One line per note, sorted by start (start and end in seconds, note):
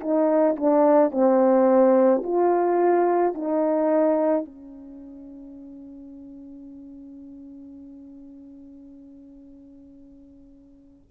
0.00 0.56 D#4
0.56 1.11 D4
1.11 2.22 C4
2.23 3.34 F4
3.34 4.45 D#4
4.45 11.11 C#4